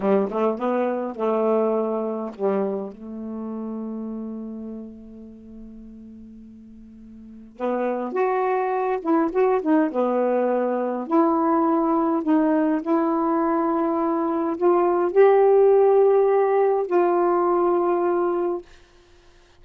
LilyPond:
\new Staff \with { instrumentName = "saxophone" } { \time 4/4 \tempo 4 = 103 g8 a8 b4 a2 | g4 a2.~ | a1~ | a4 b4 fis'4. e'8 |
fis'8 dis'8 b2 e'4~ | e'4 dis'4 e'2~ | e'4 f'4 g'2~ | g'4 f'2. | }